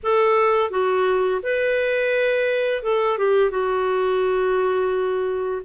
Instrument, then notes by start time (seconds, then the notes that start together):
clarinet
0.03 A4
0.70 F#4
1.42 B4
2.82 A4
3.18 G4
3.50 F#4